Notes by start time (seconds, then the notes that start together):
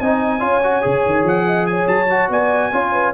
0.00 C4 D#4 D#5 G#5
0.40 C#4 F4 C#5
0.63 F#4
0.82 C#3 G#4
1.05 D#3
1.23 F3 F#5
1.46 D#5
1.66 C#5 G#5
1.87 F#3 A5
2.10 F#4
2.29 B3 D5 G#5
2.72 C#4 F4 C#5
2.92 B4